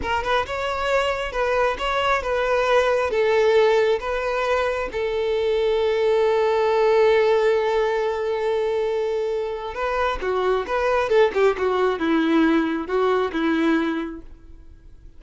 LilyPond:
\new Staff \with { instrumentName = "violin" } { \time 4/4 \tempo 4 = 135 ais'8 b'8 cis''2 b'4 | cis''4 b'2 a'4~ | a'4 b'2 a'4~ | a'1~ |
a'1~ | a'2 b'4 fis'4 | b'4 a'8 g'8 fis'4 e'4~ | e'4 fis'4 e'2 | }